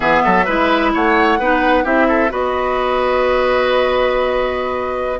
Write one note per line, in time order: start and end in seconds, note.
0.00 0.22 E3
0.00 0.45 B3
0.00 0.22 G#4
0.00 0.92 E5
0.24 0.47 F#3
0.24 0.45 A4
0.45 0.94 G#3
0.45 1.39 E4
0.45 0.91 B4
0.93 1.38 A3
0.93 1.39 C#5
0.93 1.85 F#5
1.38 1.84 B3
1.38 1.84 D#4
1.38 1.83 B4
1.83 2.31 C4
1.83 2.29 E4
1.83 2.07 G4
1.83 2.31 E5
2.08 2.31 A4
2.29 5.19 B3
2.29 5.17 F#4
2.29 5.19 B4
2.29 5.19 D#5